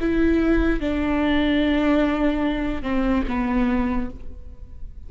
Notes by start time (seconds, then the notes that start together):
0.00 E4
0.80 D4
2.82 C4
3.28 B3